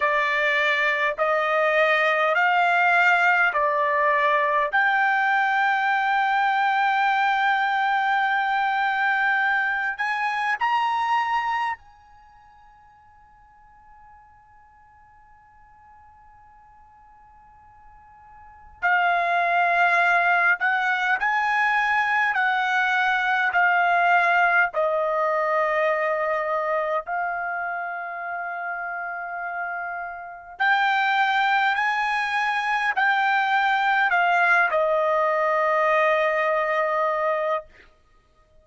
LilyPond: \new Staff \with { instrumentName = "trumpet" } { \time 4/4 \tempo 4 = 51 d''4 dis''4 f''4 d''4 | g''1~ | g''8 gis''8 ais''4 gis''2~ | gis''1 |
f''4. fis''8 gis''4 fis''4 | f''4 dis''2 f''4~ | f''2 g''4 gis''4 | g''4 f''8 dis''2~ dis''8 | }